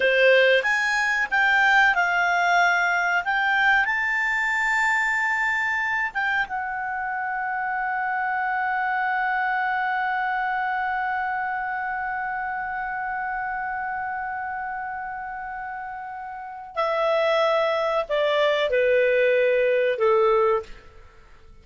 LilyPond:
\new Staff \with { instrumentName = "clarinet" } { \time 4/4 \tempo 4 = 93 c''4 gis''4 g''4 f''4~ | f''4 g''4 a''2~ | a''4. g''8 fis''2~ | fis''1~ |
fis''1~ | fis''1~ | fis''2 e''2 | d''4 b'2 a'4 | }